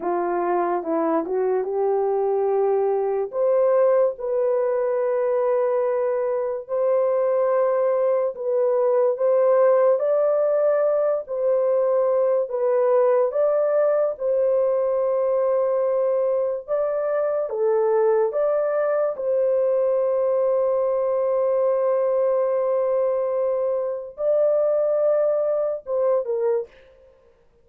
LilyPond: \new Staff \with { instrumentName = "horn" } { \time 4/4 \tempo 4 = 72 f'4 e'8 fis'8 g'2 | c''4 b'2. | c''2 b'4 c''4 | d''4. c''4. b'4 |
d''4 c''2. | d''4 a'4 d''4 c''4~ | c''1~ | c''4 d''2 c''8 ais'8 | }